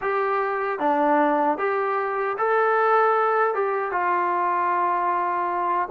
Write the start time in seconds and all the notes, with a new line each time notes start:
0.01 G4
0.79 D4
1.58 G4
2.38 A4
3.54 G4
3.91 F4